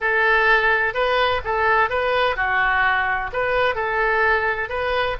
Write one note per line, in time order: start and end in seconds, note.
0.01 0.94 A4
0.94 1.41 B4
1.44 1.89 A4
1.89 2.36 B4
2.36 3.30 F#4
3.32 3.75 B4
3.75 4.69 A4
4.69 5.16 B4